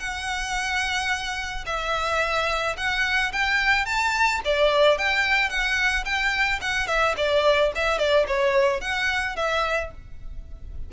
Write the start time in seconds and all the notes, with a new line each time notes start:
0.00 F#5
1.66 E5
2.77 F#5
3.33 G5
3.86 A5
4.45 D5
4.99 G5
5.50 F#5
6.05 G5
6.62 F#5
6.88 E5
7.17 D5
7.75 E5
7.99 D5
8.27 C#5
8.81 F#5
9.37 E5